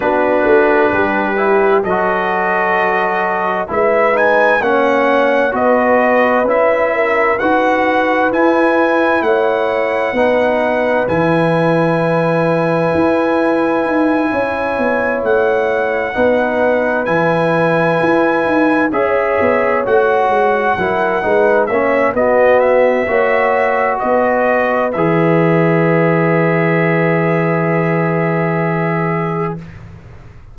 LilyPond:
<<
  \new Staff \with { instrumentName = "trumpet" } { \time 4/4 \tempo 4 = 65 b'2 dis''2 | e''8 gis''8 fis''4 dis''4 e''4 | fis''4 gis''4 fis''2 | gis''1~ |
gis''8 fis''2 gis''4.~ | gis''8 e''4 fis''2 e''8 | dis''8 e''4. dis''4 e''4~ | e''1 | }
  \new Staff \with { instrumentName = "horn" } { \time 4/4 fis'4 g'4 a'2 | b'4 cis''4 b'4. ais'8 | b'2 cis''4 b'4~ | b'2.~ b'8 cis''8~ |
cis''4. b'2~ b'8~ | b'8 cis''2 ais'8 b'8 cis''8 | fis'4 cis''4 b'2~ | b'1 | }
  \new Staff \with { instrumentName = "trombone" } { \time 4/4 d'4. e'8 fis'2 | e'8 dis'8 cis'4 fis'4 e'4 | fis'4 e'2 dis'4 | e'1~ |
e'4. dis'4 e'4.~ | e'8 gis'4 fis'4 e'8 dis'8 cis'8 | b4 fis'2 gis'4~ | gis'1 | }
  \new Staff \with { instrumentName = "tuba" } { \time 4/4 b8 a8 g4 fis2 | gis4 ais4 b4 cis'4 | dis'4 e'4 a4 b4 | e2 e'4 dis'8 cis'8 |
b8 a4 b4 e4 e'8 | dis'8 cis'8 b8 a8 gis8 fis8 gis8 ais8 | b4 ais4 b4 e4~ | e1 | }
>>